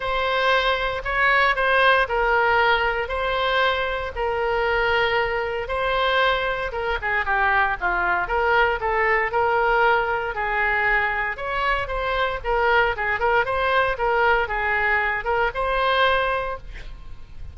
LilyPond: \new Staff \with { instrumentName = "oboe" } { \time 4/4 \tempo 4 = 116 c''2 cis''4 c''4 | ais'2 c''2 | ais'2. c''4~ | c''4 ais'8 gis'8 g'4 f'4 |
ais'4 a'4 ais'2 | gis'2 cis''4 c''4 | ais'4 gis'8 ais'8 c''4 ais'4 | gis'4. ais'8 c''2 | }